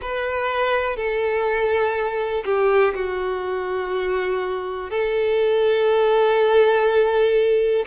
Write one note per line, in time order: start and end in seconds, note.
0.01 0.96 B4
0.96 2.44 A4
2.44 2.93 G4
2.94 4.90 F#4
4.90 7.85 A4